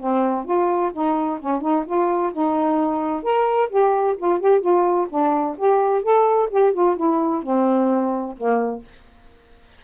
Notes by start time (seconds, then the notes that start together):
0.00 C4
0.45 F4
0.93 D#4
1.40 C#4
1.62 D#4
1.86 F4
2.33 D#4
3.23 A#4
3.70 G4
4.18 F4
4.40 G4
4.61 F4
5.10 D4
5.58 G4
6.03 A4
6.51 G4
6.73 F4
6.97 E4
7.43 C4
8.37 A#3